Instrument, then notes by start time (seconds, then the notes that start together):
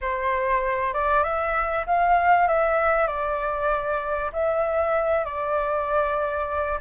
flute
0.01 C5
0.93 D5
1.23 E5
1.86 F5
2.47 E5
3.07 D5
4.32 E5
5.24 D5